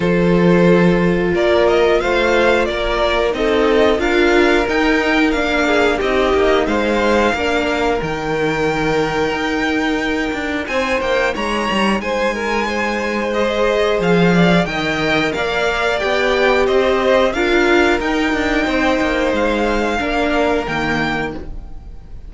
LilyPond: <<
  \new Staff \with { instrumentName = "violin" } { \time 4/4 \tempo 4 = 90 c''2 d''8 dis''8 f''4 | d''4 dis''4 f''4 g''4 | f''4 dis''4 f''2 | g''1 |
gis''8 g''8 ais''4 gis''2 | dis''4 f''4 g''4 f''4 | g''4 dis''4 f''4 g''4~ | g''4 f''2 g''4 | }
  \new Staff \with { instrumentName = "violin" } { \time 4/4 a'2 ais'4 c''4 | ais'4 a'4 ais'2~ | ais'8 gis'8 g'4 c''4 ais'4~ | ais'1 |
c''4 cis''4 c''8 ais'8 c''4~ | c''4. d''8 dis''4 d''4~ | d''4 c''4 ais'2 | c''2 ais'2 | }
  \new Staff \with { instrumentName = "viola" } { \time 4/4 f'1~ | f'4 dis'4 f'4 dis'4 | d'4 dis'2 d'4 | dis'1~ |
dis'1 | gis'2 ais'2 | g'2 f'4 dis'4~ | dis'2 d'4 ais4 | }
  \new Staff \with { instrumentName = "cello" } { \time 4/4 f2 ais4 a4 | ais4 c'4 d'4 dis'4 | ais4 c'8 ais8 gis4 ais4 | dis2 dis'4. d'8 |
c'8 ais8 gis8 g8 gis2~ | gis4 f4 dis4 ais4 | b4 c'4 d'4 dis'8 d'8 | c'8 ais8 gis4 ais4 dis4 | }
>>